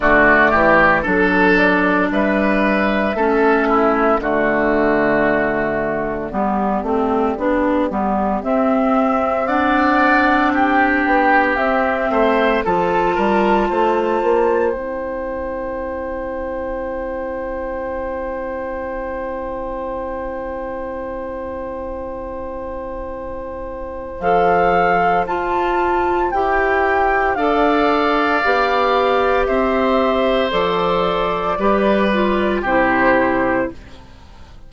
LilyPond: <<
  \new Staff \with { instrumentName = "flute" } { \time 4/4 \tempo 4 = 57 d''4 a'8 d''8 e''2 | d''1 | e''4 fis''4 g''4 e''4 | a''2 g''2~ |
g''1~ | g''2. f''4 | a''4 g''4 f''2 | e''4 d''2 c''4 | }
  \new Staff \with { instrumentName = "oboe" } { \time 4/4 fis'8 g'8 a'4 b'4 a'8 e'8 | fis'2 g'2~ | g'4 d''4 g'4. c''8 | a'8 ais'8 c''2.~ |
c''1~ | c''1~ | c''2 d''2 | c''2 b'4 g'4 | }
  \new Staff \with { instrumentName = "clarinet" } { \time 4/4 a4 d'2 cis'4 | a2 b8 c'8 d'8 b8 | c'4 d'2 c'4 | f'2 e'2~ |
e'1~ | e'2. a'4 | f'4 g'4 a'4 g'4~ | g'4 a'4 g'8 f'8 e'4 | }
  \new Staff \with { instrumentName = "bassoon" } { \time 4/4 d8 e8 fis4 g4 a4 | d2 g8 a8 b8 g8 | c'2~ c'8 b8 c'8 a8 | f8 g8 a8 ais8 c'2~ |
c'1~ | c'2. f4 | f'4 e'4 d'4 b4 | c'4 f4 g4 c4 | }
>>